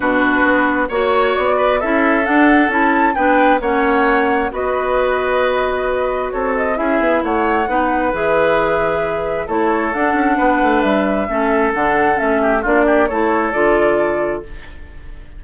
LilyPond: <<
  \new Staff \with { instrumentName = "flute" } { \time 4/4 \tempo 4 = 133 b'2 cis''4 d''4 | e''4 fis''4 a''4 g''4 | fis''2 dis''2~ | dis''2 cis''8 dis''8 e''4 |
fis''2 e''2~ | e''4 cis''4 fis''2 | e''2 fis''4 e''4 | d''4 cis''4 d''2 | }
  \new Staff \with { instrumentName = "oboe" } { \time 4/4 fis'2 cis''4. b'8 | a'2. b'4 | cis''2 b'2~ | b'2 a'4 gis'4 |
cis''4 b'2.~ | b'4 a'2 b'4~ | b'4 a'2~ a'8 g'8 | f'8 g'8 a'2. | }
  \new Staff \with { instrumentName = "clarinet" } { \time 4/4 d'2 fis'2 | e'4 d'4 e'4 d'4 | cis'2 fis'2~ | fis'2. e'4~ |
e'4 dis'4 gis'2~ | gis'4 e'4 d'2~ | d'4 cis'4 d'4 cis'4 | d'4 e'4 f'2 | }
  \new Staff \with { instrumentName = "bassoon" } { \time 4/4 b,4 b4 ais4 b4 | cis'4 d'4 cis'4 b4 | ais2 b2~ | b2 c'4 cis'8 b8 |
a4 b4 e2~ | e4 a4 d'8 cis'8 b8 a8 | g4 a4 d4 a4 | ais4 a4 d2 | }
>>